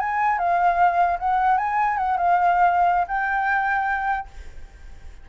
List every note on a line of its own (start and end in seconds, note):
0.00 0.39 G#5
0.39 1.19 F5
1.19 1.58 F#5
1.58 1.98 G#5
1.98 2.18 F#5
2.18 3.08 F5
3.08 4.28 G5